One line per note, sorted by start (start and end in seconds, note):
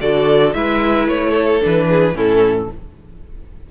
0.00 0.54 D3
0.00 0.53 F#4
0.00 0.55 A4
0.00 0.53 D5
0.53 1.07 G#3
0.53 1.60 E4
0.53 1.30 B4
0.53 1.07 E5
1.07 1.61 A3
1.07 1.62 C#5
1.30 1.84 A4
1.60 2.13 E3
1.60 2.14 D4
1.60 2.17 B4
1.88 2.15 G#4
2.13 2.67 A2
2.13 2.68 C#4
2.13 2.69 E4
2.13 2.71 A4